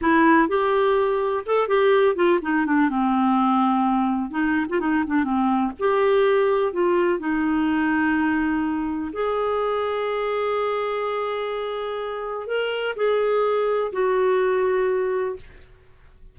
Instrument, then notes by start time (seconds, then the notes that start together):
clarinet
0.01 E4
0.48 G4
1.46 A4
1.68 G4
2.15 F4
2.41 D#4
2.65 D4
2.89 C4
4.30 D#4
4.69 F4
4.80 D#4
5.06 D4
5.24 C4
5.79 G4
6.72 F4
7.19 D#4
9.12 G#4
12.46 A#4
12.96 G#4
13.92 F#4